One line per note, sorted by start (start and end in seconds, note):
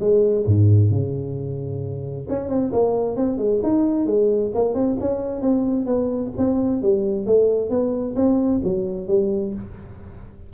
0.00 0.45 G#3
0.46 0.90 G#2
0.90 2.27 C#3
2.29 2.49 C#4
2.49 2.72 C4
2.72 3.16 A#3
3.16 3.38 C4
3.38 3.61 G#3
3.63 4.06 D#4
4.06 4.52 G#3
4.54 4.74 A#3
4.74 4.97 C4
5.00 5.41 C#4
5.41 5.86 C4
5.86 6.31 B3
6.37 6.82 C4
6.82 7.26 G3
7.26 7.70 A3
7.70 8.15 B3
8.16 8.61 C4
8.64 9.08 F#3
9.08 9.53 G3